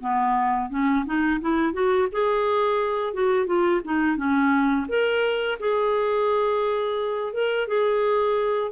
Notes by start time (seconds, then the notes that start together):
0.00 B3
0.70 C#4
1.05 D#4
1.40 E4
1.73 F#4
2.12 G#4
3.13 F#4
3.46 F4
3.84 D#4
4.16 C#4
4.88 A#4
5.59 G#4
7.33 A#4
7.67 G#4